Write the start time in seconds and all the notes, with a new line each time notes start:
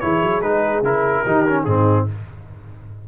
0.00 E3 E4 G#4 C#5
0.23 F#3
0.42 G#3 D#4 B4
0.82 C#3 E4 A#4
1.22 D#3 D#4 G4
1.47 C#4
1.64 G#2 C4 D#4 G#4